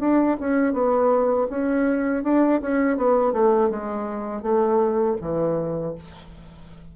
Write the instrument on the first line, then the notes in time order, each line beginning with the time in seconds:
bassoon
0.00 D4
0.41 C#4
0.74 B3
1.50 C#4
2.24 D4
2.62 C#4
2.97 B3
3.33 A3
3.70 G#3
4.43 A3
5.22 E3